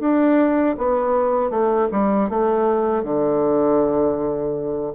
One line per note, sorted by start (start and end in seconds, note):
0.00 0.76 D4
0.78 1.51 B3
1.51 1.88 A3
1.92 2.30 G3
2.30 3.03 A3
3.03 4.93 D3